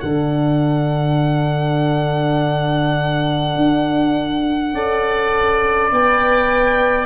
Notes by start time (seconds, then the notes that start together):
0.00 D3 D4 A4 F#5
3.56 D4
4.73 C#4 A4 D5
5.91 B3 B4 G5